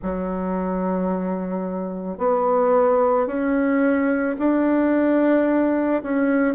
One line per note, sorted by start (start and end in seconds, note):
0.02 2.18 F#3
2.18 3.26 B3
3.26 4.35 C#4
4.38 6.02 D4
6.02 6.54 C#4